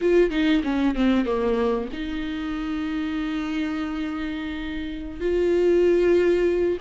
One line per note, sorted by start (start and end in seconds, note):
0.01 0.30 F4
0.30 0.61 D#4
0.63 0.95 C#4
0.95 1.25 C4
1.25 1.88 A#3
1.93 5.20 D#4
5.20 6.78 F4